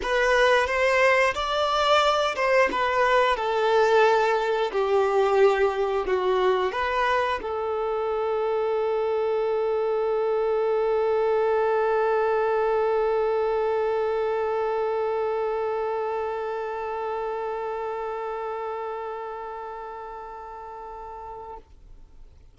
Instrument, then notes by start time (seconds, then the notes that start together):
violin
0.02 B4
0.66 C5
1.34 D5
2.35 C5
2.71 B4
3.36 A4
4.72 G4
6.06 F#4
6.72 B4
7.42 A4